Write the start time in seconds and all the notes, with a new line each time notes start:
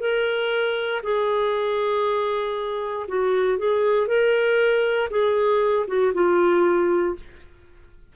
0.00 A#4
1.04 G#4
3.08 F#4
3.59 G#4
4.08 A#4
5.11 G#4
5.88 F#4
6.14 F4